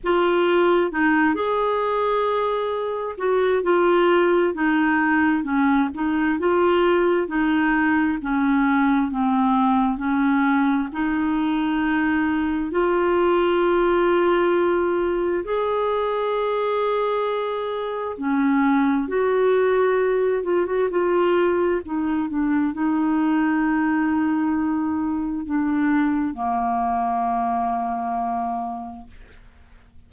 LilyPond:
\new Staff \with { instrumentName = "clarinet" } { \time 4/4 \tempo 4 = 66 f'4 dis'8 gis'2 fis'8 | f'4 dis'4 cis'8 dis'8 f'4 | dis'4 cis'4 c'4 cis'4 | dis'2 f'2~ |
f'4 gis'2. | cis'4 fis'4. f'16 fis'16 f'4 | dis'8 d'8 dis'2. | d'4 ais2. | }